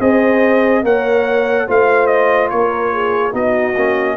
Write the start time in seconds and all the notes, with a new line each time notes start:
0.00 C4 G#4 C5 D#5
0.83 A#3 A#4 C#5 F#5
1.67 A3 F4 C5 F5
2.06 D#5
2.49 A#3 A#4 C#5
2.92 G#4
3.32 B3 D#4 F#4 D#5
3.76 A#3 C#4